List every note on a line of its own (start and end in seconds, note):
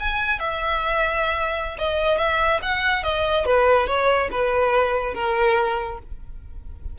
0.00 0.40 G#5
0.40 1.77 E5
1.78 2.18 D#5
2.18 2.60 E5
2.62 3.03 F#5
3.03 3.45 D#5
3.45 3.87 B4
3.87 4.29 C#5
4.32 5.14 B4
5.14 5.99 A#4